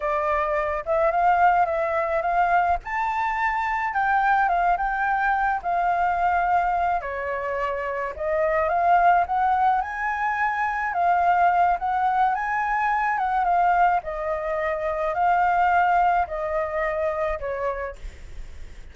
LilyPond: \new Staff \with { instrumentName = "flute" } { \time 4/4 \tempo 4 = 107 d''4. e''8 f''4 e''4 | f''4 a''2 g''4 | f''8 g''4. f''2~ | f''8 cis''2 dis''4 f''8~ |
f''8 fis''4 gis''2 f''8~ | f''4 fis''4 gis''4. fis''8 | f''4 dis''2 f''4~ | f''4 dis''2 cis''4 | }